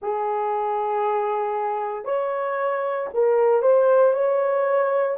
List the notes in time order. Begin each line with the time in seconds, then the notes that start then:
0.01 G#4
2.05 C#5
3.13 A#4
3.62 C5
4.13 C#5